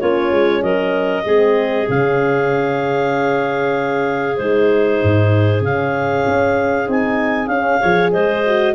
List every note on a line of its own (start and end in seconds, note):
0.00 0.32 A#3
0.00 1.25 C#4
0.00 0.62 F4
0.00 0.62 C#5
0.32 0.62 G#3
0.62 1.25 F#3
0.62 1.24 A#4
0.62 1.88 D#5
1.25 1.88 G#3
1.25 1.88 C4
1.25 7.80 G#4
1.88 4.39 C#3
1.88 4.38 C#4
1.88 4.37 F5
4.37 5.02 G#3
4.37 5.63 D#4
4.37 5.62 C5
5.03 5.61 G#2
5.61 6.24 C#3
5.61 6.85 C#4
5.61 6.89 F5
6.27 6.88 C#4
6.85 7.48 C4
6.85 7.48 D#4
6.85 7.47 G#5
7.47 7.79 C#4
7.47 7.81 C#4
7.47 8.10 F5
7.80 8.15 F3
7.80 8.43 G#4
7.80 8.11 C#5
8.12 8.75 G#3
8.12 8.75 C5
8.12 8.75 D#5
8.46 8.75 F#4